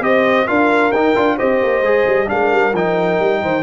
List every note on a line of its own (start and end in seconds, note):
0.00 0.45 C4
0.00 0.47 G4
0.00 0.48 C5
0.00 0.47 D#5
0.47 0.91 D4
0.47 0.92 F4
0.47 1.36 A#4
0.47 0.92 F5
0.91 1.14 D#4
0.91 1.16 D#4
0.91 1.37 G5
1.16 1.39 D4
1.16 1.38 F4
1.36 1.63 C4
1.36 1.84 G4
1.36 2.27 C5
1.36 2.29 D#5
1.63 1.82 A#3
1.82 2.05 G#3
1.82 2.27 G#4
2.07 2.29 G3
2.27 2.51 G#3
2.27 2.72 D4
2.27 3.41 A#4
2.27 2.74 F5
2.51 2.73 G3
2.73 3.18 F3
2.73 3.63 D#4
2.73 3.63 G5
3.19 3.42 G3
3.41 3.63 D#3
3.41 3.63 C5